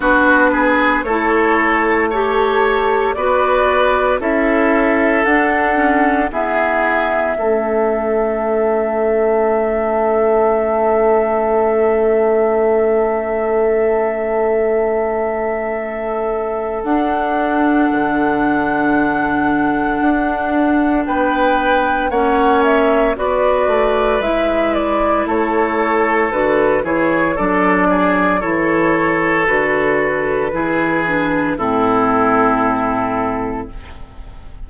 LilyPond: <<
  \new Staff \with { instrumentName = "flute" } { \time 4/4 \tempo 4 = 57 b'4 cis''4 a'4 d''4 | e''4 fis''4 e''2~ | e''1~ | e''1 |
fis''1 | g''4 fis''8 e''8 d''4 e''8 d''8 | cis''4 b'8 cis''8 d''4 cis''4 | b'2 a'2 | }
  \new Staff \with { instrumentName = "oboe" } { \time 4/4 fis'8 gis'8 a'4 cis''4 b'4 | a'2 gis'4 a'4~ | a'1~ | a'1~ |
a'1 | b'4 cis''4 b'2 | a'4. gis'8 a'8 gis'8 a'4~ | a'4 gis'4 e'2 | }
  \new Staff \with { instrumentName = "clarinet" } { \time 4/4 d'4 e'4 g'4 fis'4 | e'4 d'8 cis'8 b4 cis'4~ | cis'1~ | cis'1 |
d'1~ | d'4 cis'4 fis'4 e'4~ | e'4 fis'8 e'8 d'4 e'4 | fis'4 e'8 d'8 c'2 | }
  \new Staff \with { instrumentName = "bassoon" } { \time 4/4 b4 a2 b4 | cis'4 d'4 e'4 a4~ | a1~ | a1 |
d'4 d2 d'4 | b4 ais4 b8 a8 gis4 | a4 d8 e8 fis4 e4 | d4 e4 a,2 | }
>>